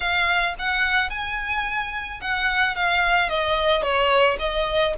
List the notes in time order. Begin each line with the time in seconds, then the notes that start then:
0.00 F5
0.59 F#5
1.10 G#5
2.21 F#5
2.75 F5
3.29 D#5
3.82 C#5
4.39 D#5